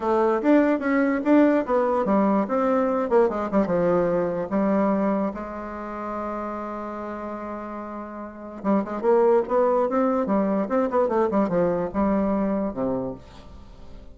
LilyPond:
\new Staff \with { instrumentName = "bassoon" } { \time 4/4 \tempo 4 = 146 a4 d'4 cis'4 d'4 | b4 g4 c'4. ais8 | gis8 g8 f2 g4~ | g4 gis2.~ |
gis1~ | gis4 g8 gis8 ais4 b4 | c'4 g4 c'8 b8 a8 g8 | f4 g2 c4 | }